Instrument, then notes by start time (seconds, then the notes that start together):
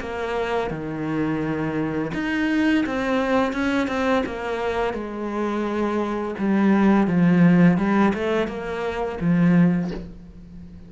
cello
0.00 A#3
0.70 D#3
2.14 D#4
2.86 C4
3.53 C#4
3.88 C4
4.26 A#3
4.93 G#3
6.38 G3
7.07 F3
7.77 G3
8.14 A3
8.48 A#3
9.20 F3